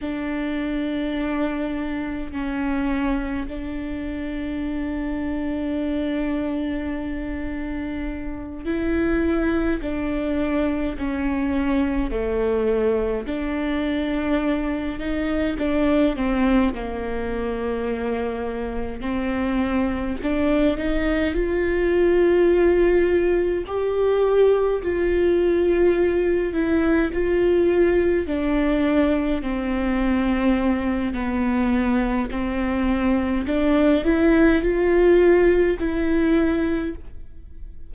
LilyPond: \new Staff \with { instrumentName = "viola" } { \time 4/4 \tempo 4 = 52 d'2 cis'4 d'4~ | d'2.~ d'8 e'8~ | e'8 d'4 cis'4 a4 d'8~ | d'4 dis'8 d'8 c'8 ais4.~ |
ais8 c'4 d'8 dis'8 f'4.~ | f'8 g'4 f'4. e'8 f'8~ | f'8 d'4 c'4. b4 | c'4 d'8 e'8 f'4 e'4 | }